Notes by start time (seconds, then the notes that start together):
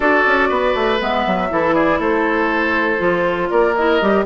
0.00 D4 F#4 A4 D5
0.26 C#4
0.48 B3 B4
0.75 A3
0.99 G#3 B3 E5
1.26 F#3
1.49 E3 E4 A4
1.74 G#4 D5
1.98 A3 A4 C5
2.98 F3 F4
3.49 A#3 A#4 D5
3.74 E4 D#5
4.01 G3 G4